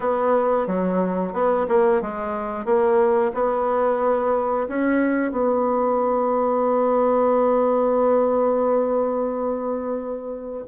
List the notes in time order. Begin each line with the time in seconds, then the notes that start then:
0.00 B3
0.67 F#3
1.33 B3
1.68 A#3
2.01 G#3
2.65 A#3
3.34 B3
4.68 C#4
5.31 B3